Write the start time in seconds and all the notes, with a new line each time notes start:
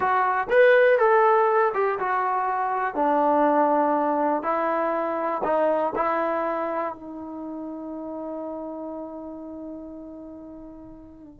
0.00 F#4
0.50 B4
0.98 A4
1.74 G4
1.99 F#4
2.94 D4
4.43 E4
5.43 D#4
5.95 E4
6.94 D#4